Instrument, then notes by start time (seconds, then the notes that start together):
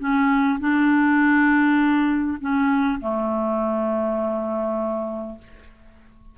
clarinet
0.00 C#4
0.60 D4
2.41 C#4
3.01 A3